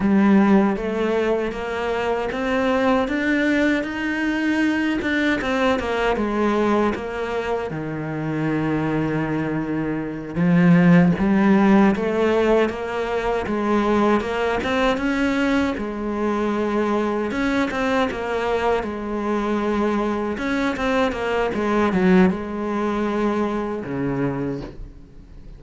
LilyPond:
\new Staff \with { instrumentName = "cello" } { \time 4/4 \tempo 4 = 78 g4 a4 ais4 c'4 | d'4 dis'4. d'8 c'8 ais8 | gis4 ais4 dis2~ | dis4. f4 g4 a8~ |
a8 ais4 gis4 ais8 c'8 cis'8~ | cis'8 gis2 cis'8 c'8 ais8~ | ais8 gis2 cis'8 c'8 ais8 | gis8 fis8 gis2 cis4 | }